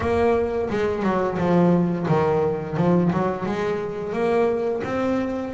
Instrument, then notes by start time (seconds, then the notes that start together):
double bass
0.00 A#3
0.70 G#3
1.03 F#3
1.38 F3
2.08 D#3
2.76 F3
3.12 F#3
3.45 G#3
4.12 A#3
4.84 C4